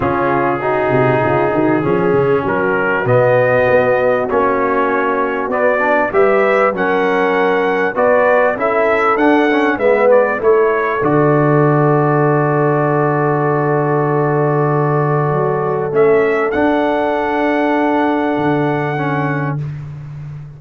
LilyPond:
<<
  \new Staff \with { instrumentName = "trumpet" } { \time 4/4 \tempo 4 = 98 gis'1 | ais'4 dis''2 cis''4~ | cis''4 d''4 e''4 fis''4~ | fis''4 d''4 e''4 fis''4 |
e''8 d''8 cis''4 d''2~ | d''1~ | d''2 e''4 fis''4~ | fis''1 | }
  \new Staff \with { instrumentName = "horn" } { \time 4/4 f'4 fis'4 f'8 fis'8 gis'4 | fis'1~ | fis'2 b'4 ais'4~ | ais'4 b'4 a'2 |
b'4 a'2.~ | a'1~ | a'1~ | a'1 | }
  \new Staff \with { instrumentName = "trombone" } { \time 4/4 cis'4 dis'2 cis'4~ | cis'4 b2 cis'4~ | cis'4 b8 d'8 g'4 cis'4~ | cis'4 fis'4 e'4 d'8 cis'8 |
b4 e'4 fis'2~ | fis'1~ | fis'2 cis'4 d'4~ | d'2. cis'4 | }
  \new Staff \with { instrumentName = "tuba" } { \time 4/4 cis4. c8 cis8 dis8 f8 cis8 | fis4 b,4 b4 ais4~ | ais4 b4 g4 fis4~ | fis4 b4 cis'4 d'4 |
gis4 a4 d2~ | d1~ | d4 fis4 a4 d'4~ | d'2 d2 | }
>>